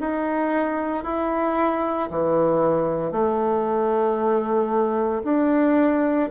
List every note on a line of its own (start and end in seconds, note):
0.00 1.04 D#4
1.04 2.09 E4
2.10 3.12 E3
3.12 5.22 A3
5.24 6.29 D4